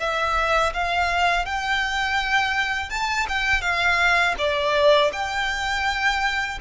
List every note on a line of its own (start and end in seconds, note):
0.00 0.73 E5
0.74 1.46 F5
1.46 2.90 G5
2.90 3.27 A5
3.29 3.62 G5
3.62 4.35 F5
4.38 5.12 D5
5.13 6.59 G5